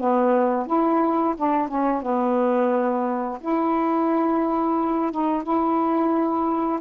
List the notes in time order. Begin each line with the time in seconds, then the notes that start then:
0.00 B3
0.67 E4
1.37 D4
1.68 C#4
2.03 B3
3.41 E4
5.12 D#4
5.43 E4